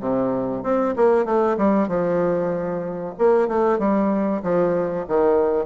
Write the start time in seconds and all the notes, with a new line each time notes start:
0.00 C3
0.63 C4
0.96 A#3
1.25 A3
1.58 G3
1.88 F3
3.18 A#3
3.48 A3
3.79 G3
4.42 F3
5.08 D#3